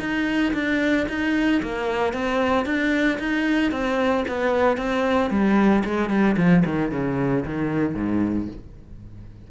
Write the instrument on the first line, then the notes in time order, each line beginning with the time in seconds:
cello
0.00 D#4
0.54 D4
1.09 D#4
1.62 A#3
2.13 C4
2.66 D4
3.19 D#4
3.72 C4
4.28 B3
4.78 C4
5.30 G3
5.85 G#3
6.10 G3
6.37 F3
6.65 D#3
6.91 C#3
7.45 D#3
7.95 G#2